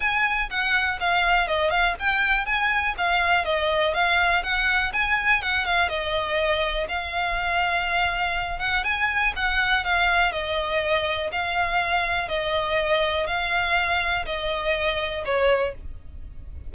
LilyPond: \new Staff \with { instrumentName = "violin" } { \time 4/4 \tempo 4 = 122 gis''4 fis''4 f''4 dis''8 f''8 | g''4 gis''4 f''4 dis''4 | f''4 fis''4 gis''4 fis''8 f''8 | dis''2 f''2~ |
f''4. fis''8 gis''4 fis''4 | f''4 dis''2 f''4~ | f''4 dis''2 f''4~ | f''4 dis''2 cis''4 | }